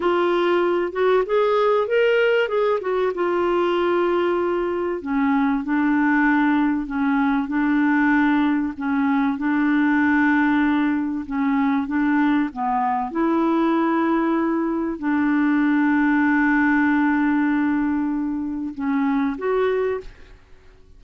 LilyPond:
\new Staff \with { instrumentName = "clarinet" } { \time 4/4 \tempo 4 = 96 f'4. fis'8 gis'4 ais'4 | gis'8 fis'8 f'2. | cis'4 d'2 cis'4 | d'2 cis'4 d'4~ |
d'2 cis'4 d'4 | b4 e'2. | d'1~ | d'2 cis'4 fis'4 | }